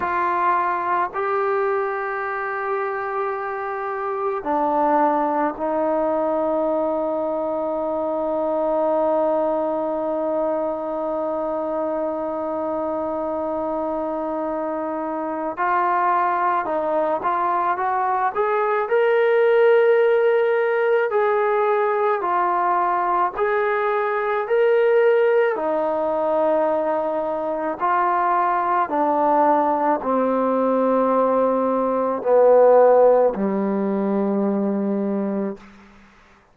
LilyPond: \new Staff \with { instrumentName = "trombone" } { \time 4/4 \tempo 4 = 54 f'4 g'2. | d'4 dis'2.~ | dis'1~ | dis'2 f'4 dis'8 f'8 |
fis'8 gis'8 ais'2 gis'4 | f'4 gis'4 ais'4 dis'4~ | dis'4 f'4 d'4 c'4~ | c'4 b4 g2 | }